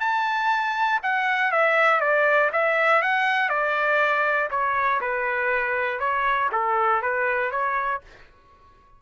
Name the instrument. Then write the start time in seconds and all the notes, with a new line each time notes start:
trumpet
0.00 A5
1.03 F#5
1.52 E5
2.00 D5
2.52 E5
3.02 F#5
3.49 D5
4.50 C#5
5.00 B4
5.99 C#5
6.52 A4
7.02 B4
7.51 C#5